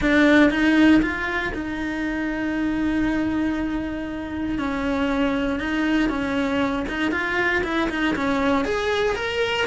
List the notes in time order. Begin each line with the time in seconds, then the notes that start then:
0.01 D4
0.50 D#4
1.01 F4
1.53 D#4
4.58 C#4
5.59 D#4
6.09 C#4
6.88 D#4
7.11 F4
7.63 E4
7.89 D#4
8.15 C#4
8.64 G#4
9.15 A#4